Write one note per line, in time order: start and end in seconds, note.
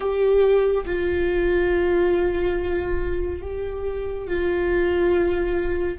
0.00 0.84 G4
0.85 3.41 F4
3.41 4.27 G4
4.27 5.98 F4